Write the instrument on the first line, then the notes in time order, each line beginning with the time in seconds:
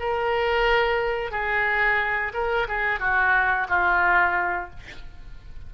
oboe
0.00 A#4
1.31 G#4
2.34 A#4
2.68 G#4
3.00 F#4
3.69 F4